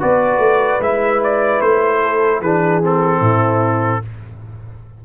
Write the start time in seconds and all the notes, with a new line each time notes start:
0.00 B3 F#4 B4 D5
0.38 A3
0.80 G#3 E4 E5
1.24 D5
1.61 A3 C5
2.02 A4
2.41 E3 D4 G#4 B4
2.83 C4 A4
3.21 A2 E4